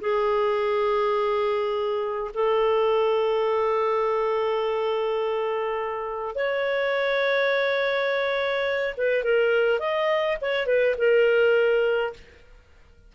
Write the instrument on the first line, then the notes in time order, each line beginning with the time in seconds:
clarinet
0.00 G#4
2.34 A4
6.35 C#5
8.97 B4
9.23 A#4
9.79 D#5
10.41 C#5
10.66 B4
10.98 A#4